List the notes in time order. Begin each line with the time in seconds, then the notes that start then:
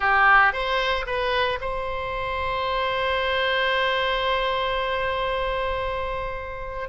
0.00 G4
0.52 C5
1.06 B4
1.60 C5